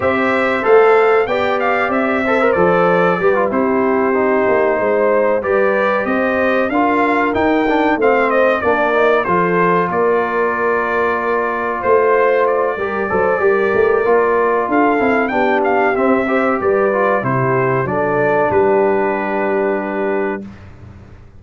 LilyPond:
<<
  \new Staff \with { instrumentName = "trumpet" } { \time 4/4 \tempo 4 = 94 e''4 f''4 g''8 f''8 e''4 | d''4. c''2~ c''8~ | c''8 d''4 dis''4 f''4 g''8~ | g''8 f''8 dis''8 d''4 c''4 d''8~ |
d''2~ d''8 c''4 d''8~ | d''2. f''4 | g''8 f''8 e''4 d''4 c''4 | d''4 b'2. | }
  \new Staff \with { instrumentName = "horn" } { \time 4/4 c''2 d''4. c''8~ | c''4 b'8 g'2 c''8~ | c''8 b'4 c''4 ais'4.~ | ais'8 c''4 ais'4 a'4 ais'8~ |
ais'2~ ais'8 c''4. | ais'8 c''8 ais'2 a'4 | g'4. c''8 b'4 g'4 | a'4 g'2. | }
  \new Staff \with { instrumentName = "trombone" } { \time 4/4 g'4 a'4 g'4. a'16 ais'16 | a'4 g'16 f'16 e'4 dis'4.~ | dis'8 g'2 f'4 dis'8 | d'8 c'4 d'8 dis'8 f'4.~ |
f'1 | g'8 a'8 g'4 f'4. e'8 | d'4 c'8 g'4 f'8 e'4 | d'1 | }
  \new Staff \with { instrumentName = "tuba" } { \time 4/4 c'4 a4 b4 c'4 | f4 g8 c'4. ais8 gis8~ | gis8 g4 c'4 d'4 dis'8~ | dis'8 a4 ais4 f4 ais8~ |
ais2~ ais8 a4. | g8 fis8 g8 a8 ais4 d'8 c'8 | b4 c'4 g4 c4 | fis4 g2. | }
>>